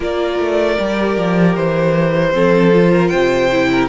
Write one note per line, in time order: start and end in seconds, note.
0.00 0.38 A#3
0.00 0.76 F4
0.00 2.31 A#4
0.00 1.56 D5
0.38 0.77 A3
0.76 1.17 G3
0.76 2.32 G4
1.17 1.56 F3
1.56 2.34 E3
1.56 3.08 C5
2.32 3.12 F3
2.32 2.71 C4
2.32 2.92 A4
2.72 3.50 F4
2.92 3.10 A#4
3.08 3.89 C3
3.08 3.68 C5
3.08 3.86 G5
3.51 3.89 E4
3.71 3.89 A#4